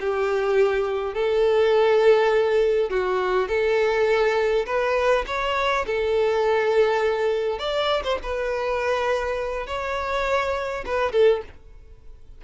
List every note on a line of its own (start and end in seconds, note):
0.00 1.14 G4
1.14 2.90 A4
2.90 3.48 F#4
3.48 4.66 A4
4.66 5.25 B4
5.27 5.86 C#5
5.87 7.59 A4
7.59 8.03 D5
8.04 8.18 C5
8.23 9.67 B4
9.67 10.84 C#5
10.86 11.12 B4
11.12 11.41 A4